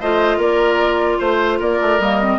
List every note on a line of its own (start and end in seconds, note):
0.00 0.38 A3
0.00 2.02 F4
0.00 0.38 C5
0.00 0.40 D#5
0.38 1.18 A#3
0.38 1.18 A#4
0.38 1.20 D5
1.19 1.60 A3
1.19 1.59 C5
1.19 1.60 C5
1.59 1.80 A#3
1.59 2.39 A#4
1.59 2.01 D5
1.81 1.99 A3
1.99 2.39 G3
1.99 2.22 A#3
1.99 2.39 D#5
2.22 2.39 C4